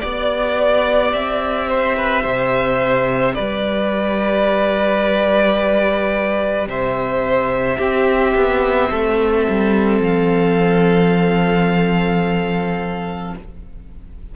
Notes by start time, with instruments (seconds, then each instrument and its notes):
0.00 cello B3, viola G4, violin D5
1.13 cello C4, violin E5
1.68 violin C5
1.97 violin B4
2.22 cello C3, violin C5
3.35 cello G3, violin B4 D5
6.67 cello C3, violin C5 E5
7.78 cello C4, viola C4, violin G4
8.36 cello B3
8.90 cello A3, violin A4
9.49 cello G3
10.00 cello F3, violin F5